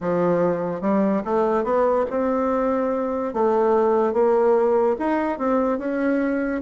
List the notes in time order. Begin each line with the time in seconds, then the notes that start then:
0.00 F3
0.81 G3
1.25 A3
1.64 B3
2.10 C4
3.33 A3
4.13 A#3
4.98 D#4
5.38 C4
5.78 C#4